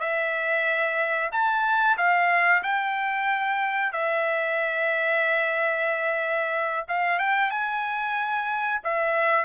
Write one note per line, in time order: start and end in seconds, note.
0.00 1.30 E5
1.32 1.97 A5
1.98 2.63 F5
2.63 3.93 G5
3.93 6.87 E5
6.89 7.19 F5
7.19 7.51 G5
7.51 8.81 G#5
8.84 9.45 E5